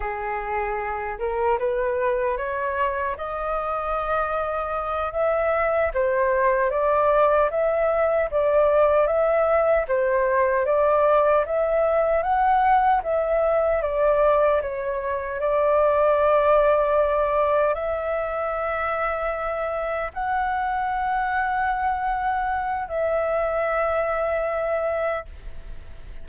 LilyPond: \new Staff \with { instrumentName = "flute" } { \time 4/4 \tempo 4 = 76 gis'4. ais'8 b'4 cis''4 | dis''2~ dis''8 e''4 c''8~ | c''8 d''4 e''4 d''4 e''8~ | e''8 c''4 d''4 e''4 fis''8~ |
fis''8 e''4 d''4 cis''4 d''8~ | d''2~ d''8 e''4.~ | e''4. fis''2~ fis''8~ | fis''4 e''2. | }